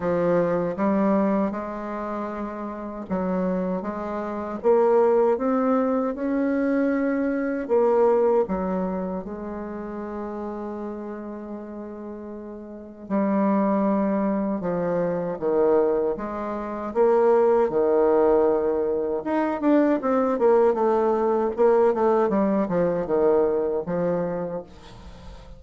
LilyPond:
\new Staff \with { instrumentName = "bassoon" } { \time 4/4 \tempo 4 = 78 f4 g4 gis2 | fis4 gis4 ais4 c'4 | cis'2 ais4 fis4 | gis1~ |
gis4 g2 f4 | dis4 gis4 ais4 dis4~ | dis4 dis'8 d'8 c'8 ais8 a4 | ais8 a8 g8 f8 dis4 f4 | }